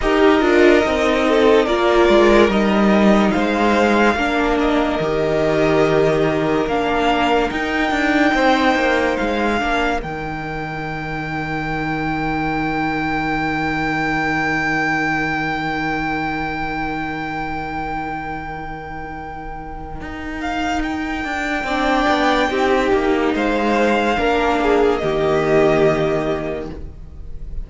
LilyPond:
<<
  \new Staff \with { instrumentName = "violin" } { \time 4/4 \tempo 4 = 72 dis''2 d''4 dis''4 | f''4. dis''2~ dis''8 | f''4 g''2 f''4 | g''1~ |
g''1~ | g''1~ | g''8 f''8 g''2. | f''2 dis''2 | }
  \new Staff \with { instrumentName = "violin" } { \time 4/4 ais'4. a'8 ais'2 | c''4 ais'2.~ | ais'2 c''4. ais'8~ | ais'1~ |
ais'1~ | ais'1~ | ais'2 d''4 g'4 | c''4 ais'8 gis'8 g'2 | }
  \new Staff \with { instrumentName = "viola" } { \time 4/4 g'8 f'8 dis'4 f'4 dis'4~ | dis'4 d'4 g'2 | d'4 dis'2~ dis'8 d'8 | dis'1~ |
dis'1~ | dis'1~ | dis'2 d'4 dis'4~ | dis'4 d'4 ais2 | }
  \new Staff \with { instrumentName = "cello" } { \time 4/4 dis'8 d'8 c'4 ais8 gis8 g4 | gis4 ais4 dis2 | ais4 dis'8 d'8 c'8 ais8 gis8 ais8 | dis1~ |
dis1~ | dis1 | dis'4. d'8 c'8 b8 c'8 ais8 | gis4 ais4 dis2 | }
>>